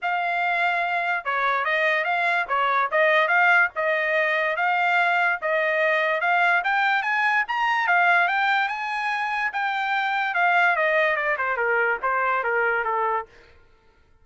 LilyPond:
\new Staff \with { instrumentName = "trumpet" } { \time 4/4 \tempo 4 = 145 f''2. cis''4 | dis''4 f''4 cis''4 dis''4 | f''4 dis''2 f''4~ | f''4 dis''2 f''4 |
g''4 gis''4 ais''4 f''4 | g''4 gis''2 g''4~ | g''4 f''4 dis''4 d''8 c''8 | ais'4 c''4 ais'4 a'4 | }